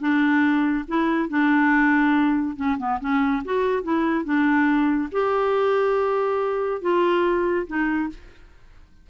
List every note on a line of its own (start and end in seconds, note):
0.00 0.85 D4
0.88 1.29 E4
1.29 2.56 D4
2.56 2.77 C#4
2.78 3.00 B3
3.00 3.43 C#4
3.45 3.83 F#4
3.83 4.25 E4
4.25 5.10 D4
5.12 6.81 G4
6.81 7.67 F4
7.67 8.09 D#4